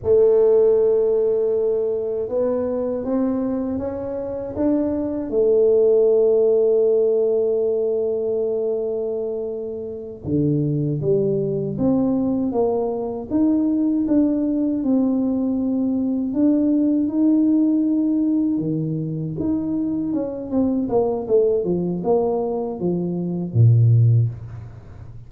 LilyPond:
\new Staff \with { instrumentName = "tuba" } { \time 4/4 \tempo 4 = 79 a2. b4 | c'4 cis'4 d'4 a4~ | a1~ | a4. d4 g4 c'8~ |
c'8 ais4 dis'4 d'4 c'8~ | c'4. d'4 dis'4.~ | dis'8 dis4 dis'4 cis'8 c'8 ais8 | a8 f8 ais4 f4 ais,4 | }